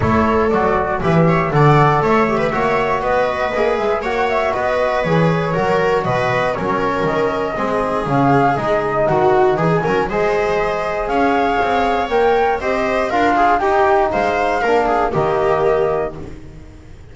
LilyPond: <<
  \new Staff \with { instrumentName = "flute" } { \time 4/4 \tempo 4 = 119 cis''4 d''4 e''4 fis''4 | e''2 dis''4. e''8 | fis''8 e''8 dis''4 cis''2 | dis''4 cis''4 dis''2 |
f''4 dis''4 fis''4 gis''4 | dis''2 f''2 | g''4 dis''4 f''4 g''4 | f''2 dis''2 | }
  \new Staff \with { instrumentName = "viola" } { \time 4/4 a'2 b'8 cis''8 d''4 | cis''8. b'16 cis''4 b'2 | cis''4 b'2 ais'4 | b'4 ais'2 gis'4~ |
gis'2 fis'4 gis'8 ais'8 | c''2 cis''2~ | cis''4 c''4 ais'8 gis'8 g'4 | c''4 ais'8 gis'8 g'2 | }
  \new Staff \with { instrumentName = "trombone" } { \time 4/4 e'4 fis'4 g'4 a'4~ | a'8 g'8 fis'2 gis'4 | fis'2 gis'4 fis'4~ | fis'4 cis'2 c'4 |
cis'4 dis'2~ dis'8 cis'8 | gis'1 | ais'4 g'4 f'4 dis'4~ | dis'4 d'4 ais2 | }
  \new Staff \with { instrumentName = "double bass" } { \time 4/4 a4 fis4 e4 d4 | a4 ais4 b4 ais8 gis8 | ais4 b4 e4 fis4 | b,4 fis4 dis4 gis4 |
cis4 gis4 dis4 e8 fis8 | gis2 cis'4 c'4 | ais4 c'4 d'4 dis'4 | gis4 ais4 dis2 | }
>>